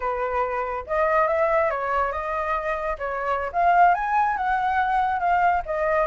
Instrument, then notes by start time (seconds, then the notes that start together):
flute
0.00 B4
0.86 D#5
1.27 E5
1.70 C#5
2.11 D#5
2.98 C#5
3.52 F5
3.94 G#5
4.36 F#5
5.19 F5
5.65 D#5